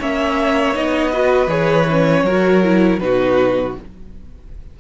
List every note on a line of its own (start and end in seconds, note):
0.00 0.76 A#3
0.00 0.74 C#4
0.00 1.12 C#5
0.00 0.76 E5
0.74 1.48 B3
0.74 1.12 D#4
0.74 1.50 D#5
1.12 1.49 F#4
1.12 2.24 B4
1.48 2.23 E3
1.48 1.86 G#4
1.48 3.00 C#5
1.91 2.28 C#4
2.24 2.99 F#3
2.24 2.64 F#4
2.24 3.01 A#4
2.64 3.00 E4
3.00 3.75 B2
3.00 3.75 D#4
3.00 3.80 F#4
3.00 3.75 B4